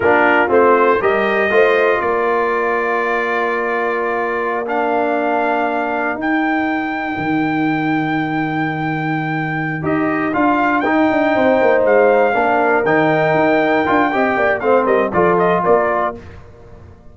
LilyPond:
<<
  \new Staff \with { instrumentName = "trumpet" } { \time 4/4 \tempo 4 = 119 ais'4 c''4 dis''2 | d''1~ | d''4~ d''16 f''2~ f''8.~ | f''16 g''2.~ g''8.~ |
g''2.~ g''8 dis''8~ | dis''8 f''4 g''2 f''8~ | f''4. g''2~ g''8~ | g''4 f''8 dis''8 d''8 dis''8 d''4 | }
  \new Staff \with { instrumentName = "horn" } { \time 4/4 f'2 ais'4 c''4 | ais'1~ | ais'1~ | ais'1~ |
ais'1~ | ais'2~ ais'8 c''4.~ | c''8 ais'2.~ ais'8 | dis''8 d''8 c''8 ais'8 a'4 ais'4 | }
  \new Staff \with { instrumentName = "trombone" } { \time 4/4 d'4 c'4 g'4 f'4~ | f'1~ | f'4~ f'16 d'2~ d'8.~ | d'16 dis'2.~ dis'8.~ |
dis'2.~ dis'8 g'8~ | g'8 f'4 dis'2~ dis'8~ | dis'8 d'4 dis'2 f'8 | g'4 c'4 f'2 | }
  \new Staff \with { instrumentName = "tuba" } { \time 4/4 ais4 a4 g4 a4 | ais1~ | ais1~ | ais16 dis'2 dis4.~ dis16~ |
dis2.~ dis8 dis'8~ | dis'8 d'4 dis'8 d'8 c'8 ais8 gis8~ | gis8 ais4 dis4 dis'4 d'8 | c'8 ais8 a8 g8 f4 ais4 | }
>>